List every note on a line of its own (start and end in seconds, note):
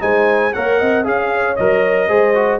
0.00 0.53 G#3
0.00 0.52 D#4
0.00 0.53 C5
0.00 0.53 G#5
0.53 0.81 A#3
0.53 1.04 A#4
0.53 0.79 C#5
0.53 1.05 F#5
0.79 1.06 C4
0.79 1.05 D#5
1.04 1.58 C#4
1.04 1.56 G#4
1.04 1.30 F5
1.04 1.56 F5
1.34 2.08 C#5
1.56 2.09 F#3
1.56 2.08 A#4
1.56 2.60 D#5
2.08 2.60 G#3
2.08 2.34 G#4
2.08 2.59 C5
2.35 2.60 F#4